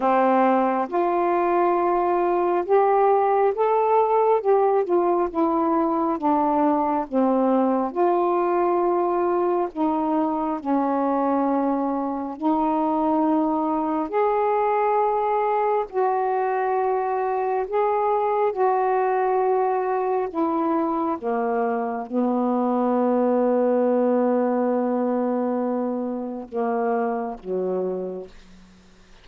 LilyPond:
\new Staff \with { instrumentName = "saxophone" } { \time 4/4 \tempo 4 = 68 c'4 f'2 g'4 | a'4 g'8 f'8 e'4 d'4 | c'4 f'2 dis'4 | cis'2 dis'2 |
gis'2 fis'2 | gis'4 fis'2 e'4 | ais4 b2.~ | b2 ais4 fis4 | }